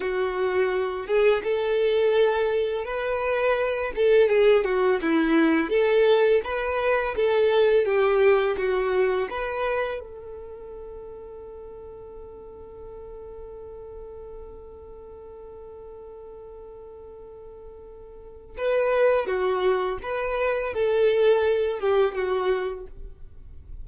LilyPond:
\new Staff \with { instrumentName = "violin" } { \time 4/4 \tempo 4 = 84 fis'4. gis'8 a'2 | b'4. a'8 gis'8 fis'8 e'4 | a'4 b'4 a'4 g'4 | fis'4 b'4 a'2~ |
a'1~ | a'1~ | a'2 b'4 fis'4 | b'4 a'4. g'8 fis'4 | }